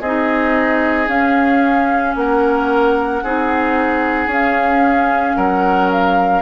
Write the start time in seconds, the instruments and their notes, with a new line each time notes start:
0.00 bassoon C4, clarinet D#4, oboe G#4, flute D#5
1.07 bassoon C#4, clarinet C#4, flute F5
2.15 bassoon A#3, oboe A#4, flute F#5
3.23 bassoon C4, clarinet D#4, oboe G#4
4.27 bassoon C#4, clarinet C#4, flute F5
5.36 bassoon F#3, oboe A#4, flute F#5
5.91 flute F5